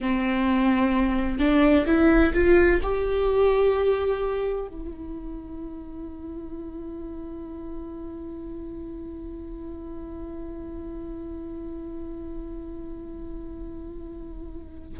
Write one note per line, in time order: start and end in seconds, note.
0.00 1.38 C4
1.38 1.85 D4
1.86 2.33 E4
2.33 2.80 F4
2.82 4.67 G4
4.67 14.98 E4